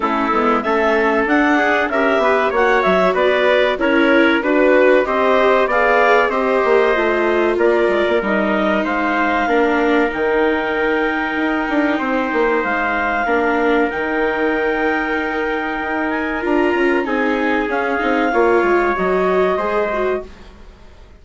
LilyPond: <<
  \new Staff \with { instrumentName = "clarinet" } { \time 4/4 \tempo 4 = 95 a'4 e''4 fis''4 e''4 | fis''8 e''8 d''4 cis''4 b'4 | dis''4 f''4 dis''2 | d''4 dis''4 f''2 |
g''1 | f''2 g''2~ | g''4. gis''8 ais''4 gis''4 | f''2 dis''2 | }
  \new Staff \with { instrumentName = "trumpet" } { \time 4/4 e'4 a'4. gis'8 ais'8 b'8 | cis''4 b'4 ais'4 b'4 | c''4 d''4 c''2 | ais'2 c''4 ais'4~ |
ais'2. c''4~ | c''4 ais'2.~ | ais'2. gis'4~ | gis'4 cis''2 c''4 | }
  \new Staff \with { instrumentName = "viola" } { \time 4/4 cis'8 b8 cis'4 d'4 g'4 | fis'2 e'4 fis'4 | g'4 gis'4 g'4 f'4~ | f'4 dis'2 d'4 |
dis'1~ | dis'4 d'4 dis'2~ | dis'2 f'4 dis'4 | cis'8 dis'8 f'4 fis'4 gis'8 fis'8 | }
  \new Staff \with { instrumentName = "bassoon" } { \time 4/4 a8 gis8 a4 d'4 cis'8 b8 | ais8 fis8 b4 cis'4 d'4 | c'4 b4 c'8 ais8 a4 | ais8 gis16 ais16 g4 gis4 ais4 |
dis2 dis'8 d'8 c'8 ais8 | gis4 ais4 dis2~ | dis4 dis'4 d'8 cis'8 c'4 | cis'8 c'8 ais8 gis8 fis4 gis4 | }
>>